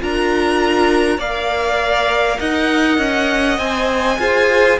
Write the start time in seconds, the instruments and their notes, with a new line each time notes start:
0.00 cello D4, viola F4, violin A#4 A#5
1.18 cello A#3, viola A#4, violin D5 F5
2.39 cello D#4, violin D#5 F#5
2.98 cello C#4
3.58 cello C4, viola C5, violin G#5
4.18 cello F4, viola G#4, violin C5